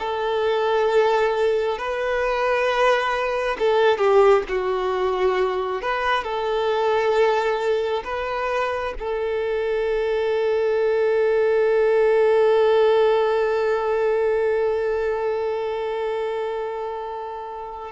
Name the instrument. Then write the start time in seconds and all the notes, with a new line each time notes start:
violin
0.00 A4
1.79 B4
3.59 A4
3.98 G4
4.49 F#4
5.82 B4
6.24 A4
8.05 B4
9.00 A4